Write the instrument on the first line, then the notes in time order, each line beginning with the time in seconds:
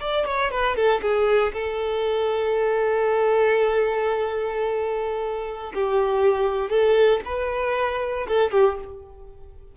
violin
0.00 D5
0.25 C#5
0.51 B4
0.75 A4
1.01 G#4
1.53 A4
5.74 G4
6.70 A4
7.25 B4
8.27 A4
8.51 G4